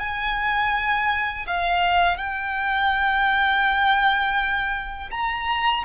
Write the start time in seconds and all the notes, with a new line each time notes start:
0.00 G#5
1.47 F5
2.18 G5
5.12 A#5